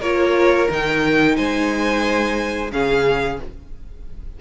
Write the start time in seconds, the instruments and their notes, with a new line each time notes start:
0.00 cello A#3, viola F4, violin A#4 C#5
0.70 cello D#3, viola D#4, violin G5
1.36 cello G#3, violin C5 G#5
2.71 cello C#3, viola C#4, violin G#4 F5